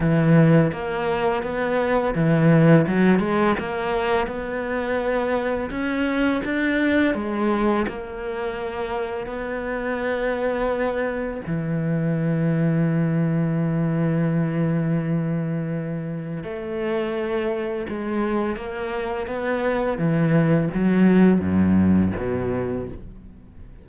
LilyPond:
\new Staff \with { instrumentName = "cello" } { \time 4/4 \tempo 4 = 84 e4 ais4 b4 e4 | fis8 gis8 ais4 b2 | cis'4 d'4 gis4 ais4~ | ais4 b2. |
e1~ | e2. a4~ | a4 gis4 ais4 b4 | e4 fis4 fis,4 b,4 | }